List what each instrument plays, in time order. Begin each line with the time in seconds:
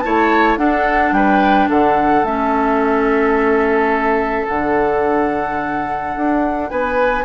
0.00 bassoon A3, clarinet E4, oboe C#5, flute A5
0.57 bassoon D4, clarinet D4, oboe A4, flute F#5
1.12 bassoon G3, oboe B4, flute G5
1.69 bassoon D3, oboe A4, flute F#5
2.23 bassoon A3, clarinet C#4, flute E5
4.47 bassoon D3, clarinet D4, flute F#5
6.16 bassoon D4
6.69 bassoon B3, oboe B4, flute G#5